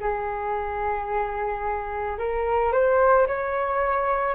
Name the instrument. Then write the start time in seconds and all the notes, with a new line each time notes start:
flute
0.00 G#4
2.19 A#4
2.72 C5
3.27 C#5